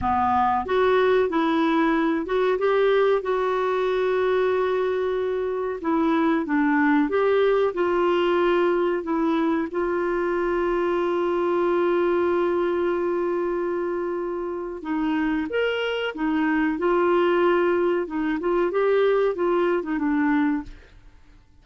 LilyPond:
\new Staff \with { instrumentName = "clarinet" } { \time 4/4 \tempo 4 = 93 b4 fis'4 e'4. fis'8 | g'4 fis'2.~ | fis'4 e'4 d'4 g'4 | f'2 e'4 f'4~ |
f'1~ | f'2. dis'4 | ais'4 dis'4 f'2 | dis'8 f'8 g'4 f'8. dis'16 d'4 | }